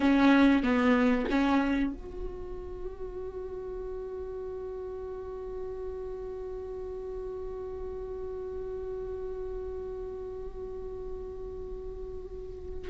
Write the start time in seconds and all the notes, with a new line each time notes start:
0.00 C#4
0.63 B3
1.30 C#4
1.93 F#4